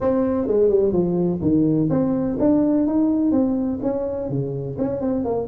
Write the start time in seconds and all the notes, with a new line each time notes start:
0.01 C4
0.47 G#3
0.69 G3
0.92 F3
1.41 D#3
1.89 C4
2.39 D4
2.87 D#4
3.31 C4
3.82 C#4
4.29 C#3
4.78 C#4
5.00 C4
5.24 A#3